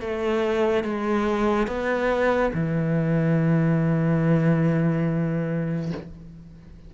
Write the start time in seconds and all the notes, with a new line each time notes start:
0.00 A3
0.84 G#3
1.67 B3
2.54 E3